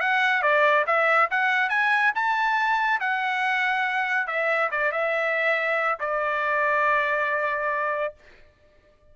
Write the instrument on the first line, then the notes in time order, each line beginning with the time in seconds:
trumpet
0.00 F#5
0.42 D5
0.86 E5
1.30 F#5
1.69 G#5
2.14 A5
3.00 F#5
4.27 E5
4.71 D5
4.92 E5
5.99 D5